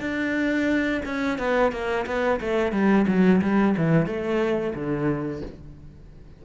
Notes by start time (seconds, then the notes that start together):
0.00 D4
1.05 C#4
1.38 B3
1.72 A#3
2.06 B3
2.40 A3
2.72 G3
3.07 F#3
3.41 G3
3.77 E3
4.06 A3
4.74 D3